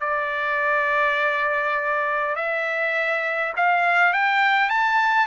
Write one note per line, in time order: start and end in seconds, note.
0.00 2.35 D5
2.35 3.53 E5
3.56 4.13 F5
4.13 4.69 G5
4.69 5.26 A5